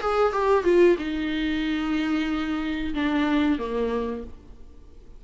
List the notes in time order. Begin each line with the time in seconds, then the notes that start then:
0.00 G#4
0.32 G4
0.63 F4
0.98 D#4
2.94 D4
3.58 A#3